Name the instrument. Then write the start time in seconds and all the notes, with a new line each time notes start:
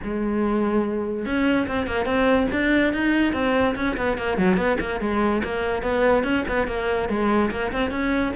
cello
0.03 G#3
1.25 C#4
1.67 C4
1.87 A#3
2.05 C4
2.52 D4
2.93 D#4
3.33 C4
3.75 C#4
3.97 B3
4.17 A#3
4.37 F#3
4.56 B3
4.80 A#3
5.00 G#3
5.43 A#3
5.82 B3
6.23 C#4
6.48 B3
6.67 A#3
7.08 G#3
7.51 A#3
7.71 C4
7.91 C#4